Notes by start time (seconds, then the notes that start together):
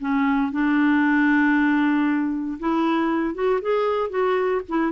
0.00 C#4
0.51 D4
2.59 E4
3.34 F#4
3.61 G#4
4.10 F#4
4.68 E4